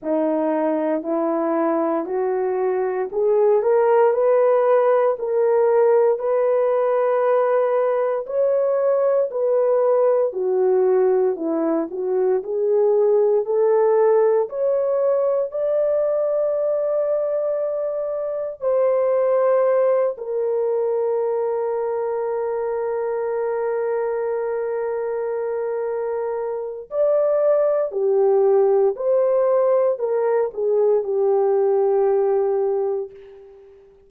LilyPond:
\new Staff \with { instrumentName = "horn" } { \time 4/4 \tempo 4 = 58 dis'4 e'4 fis'4 gis'8 ais'8 | b'4 ais'4 b'2 | cis''4 b'4 fis'4 e'8 fis'8 | gis'4 a'4 cis''4 d''4~ |
d''2 c''4. ais'8~ | ais'1~ | ais'2 d''4 g'4 | c''4 ais'8 gis'8 g'2 | }